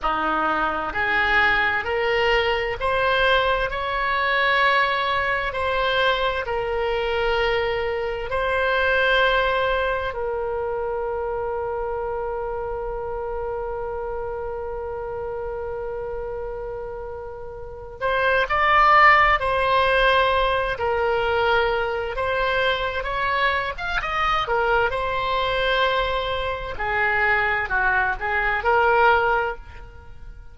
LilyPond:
\new Staff \with { instrumentName = "oboe" } { \time 4/4 \tempo 4 = 65 dis'4 gis'4 ais'4 c''4 | cis''2 c''4 ais'4~ | ais'4 c''2 ais'4~ | ais'1~ |
ais'2.~ ais'8 c''8 | d''4 c''4. ais'4. | c''4 cis''8. f''16 dis''8 ais'8 c''4~ | c''4 gis'4 fis'8 gis'8 ais'4 | }